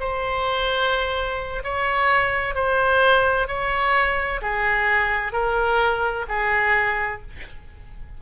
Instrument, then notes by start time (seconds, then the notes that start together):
oboe
0.00 C5
1.64 C#5
2.55 C5
3.48 C#5
4.41 G#4
5.33 A#4
6.29 G#4